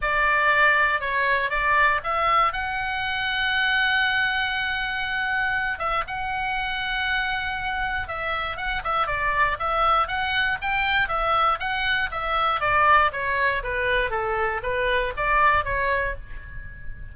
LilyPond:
\new Staff \with { instrumentName = "oboe" } { \time 4/4 \tempo 4 = 119 d''2 cis''4 d''4 | e''4 fis''2.~ | fis''2.~ fis''8 e''8 | fis''1 |
e''4 fis''8 e''8 d''4 e''4 | fis''4 g''4 e''4 fis''4 | e''4 d''4 cis''4 b'4 | a'4 b'4 d''4 cis''4 | }